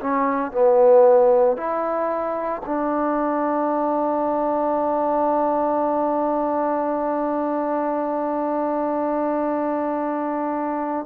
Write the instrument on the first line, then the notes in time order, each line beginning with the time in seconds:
trombone
0.00 C#4
0.52 B3
1.56 E4
2.66 D4